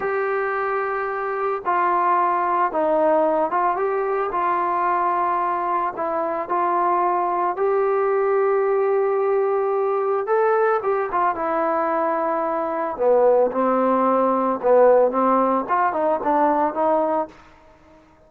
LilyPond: \new Staff \with { instrumentName = "trombone" } { \time 4/4 \tempo 4 = 111 g'2. f'4~ | f'4 dis'4. f'8 g'4 | f'2. e'4 | f'2 g'2~ |
g'2. a'4 | g'8 f'8 e'2. | b4 c'2 b4 | c'4 f'8 dis'8 d'4 dis'4 | }